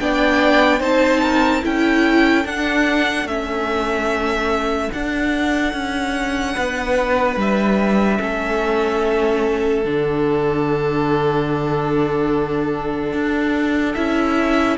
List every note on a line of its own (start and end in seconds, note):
0.00 0.81 B3
0.00 0.80 D4
0.00 0.80 D5
0.00 0.82 G5
0.80 1.63 C4
0.80 1.62 D#4
0.80 1.21 C5
0.80 1.64 A5
1.22 1.63 A#4
1.62 2.46 C#4
1.62 2.44 E4
1.62 6.54 A4
1.62 2.47 G5
2.46 3.25 D4
2.46 3.28 D4
2.46 3.28 F#5
3.25 4.89 A3
3.25 4.92 C#4
3.25 4.92 E5
4.92 8.19 D4
4.92 5.73 D4
4.92 7.40 F#5
5.73 6.56 C#4
6.54 7.37 B3
6.54 8.19 B4
7.37 8.19 G3
7.37 9.87 E5
8.19 9.85 A3
8.19 9.83 C#4
8.19 14.78 A4
9.85 13.13 D3
9.85 13.96 D4
9.85 13.95 F#5
13.13 13.95 D4
13.95 14.78 C#4
13.95 14.78 E4
13.95 14.77 E5